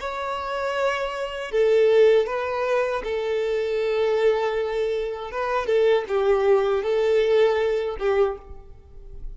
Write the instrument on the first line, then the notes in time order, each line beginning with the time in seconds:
violin
0.00 C#5
1.51 A4
2.26 B4
3.04 A4
5.31 B4
5.67 A4
6.08 G4
6.83 A4
7.99 G4